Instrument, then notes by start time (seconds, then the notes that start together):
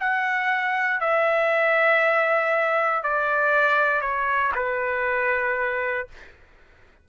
trumpet
0.00 F#5
1.00 E5
3.03 D5
4.01 C#5
4.55 B4